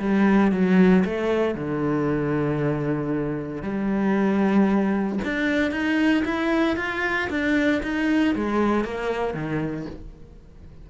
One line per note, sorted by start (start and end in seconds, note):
0.00 0.52 G3
0.52 1.04 F#3
1.05 1.55 A3
1.55 3.63 D3
3.63 5.19 G3
5.25 5.72 D4
5.72 6.24 D#4
6.25 6.77 E4
6.77 7.29 F4
7.30 7.82 D4
7.83 8.35 D#4
8.36 8.85 G#3
8.85 9.34 A#3
9.34 9.87 D#3